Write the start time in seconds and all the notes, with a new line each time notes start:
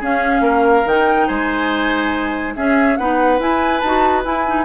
0.00 C#4 G#4 F5
0.41 A#3 A#4
0.86 D#3 D#4 G5
1.28 G#3 C5 G#5
2.56 C#4 G#4 E5
2.97 B3 D#4 B4 F#5
3.40 E4 G#5
3.80 D#4 F#4 A5
4.25 E4 G#5
4.47 D#4